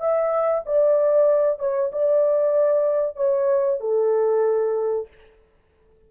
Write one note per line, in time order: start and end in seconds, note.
0.00 0.64 E5
0.66 1.59 D5
1.59 1.91 C#5
1.92 3.16 D5
3.16 3.80 C#5
3.80 5.08 A4